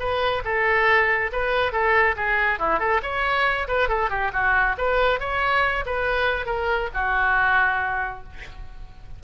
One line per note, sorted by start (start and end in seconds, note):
0.00 0.43 B4
0.45 1.32 A4
1.32 1.72 B4
1.72 2.16 A4
2.17 2.59 G#4
2.59 2.80 E4
2.80 3.01 A4
3.03 3.68 C#5
3.68 3.89 B4
3.89 4.10 A4
4.10 4.32 G4
4.33 4.76 F#4
4.78 5.20 B4
5.20 5.85 C#5
5.86 6.46 B4
6.46 6.89 A#4
6.94 8.24 F#4